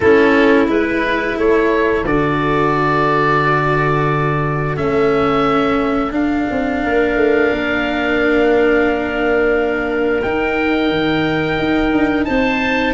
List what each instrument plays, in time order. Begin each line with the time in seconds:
0.00 tuba A3, cello C#4, clarinet E4, oboe A4
0.67 tuba G#3, cello E4, oboe B4
1.36 tuba A3, clarinet A4, oboe C#5
2.04 tuba D3, cello F#4, oboe D5
4.77 tuba A3, cello C#4, oboe E5
6.11 cello D4, tuba D4, oboe F5
6.50 tuba C4
6.83 tuba A#3, clarinet A#4
7.16 tuba A3
7.51 tuba A#3
10.22 tuba D#4, cello D#4, oboe G5
10.89 tuba D#3
11.58 tuba D#4
11.92 tuba D4
12.24 tuba C4, clarinet C5, oboe A5